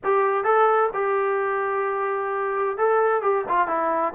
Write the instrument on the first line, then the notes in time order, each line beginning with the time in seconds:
trombone
0.04 G4
0.44 A4
0.93 G4
2.77 A4
3.21 G4
3.48 F4
3.67 E4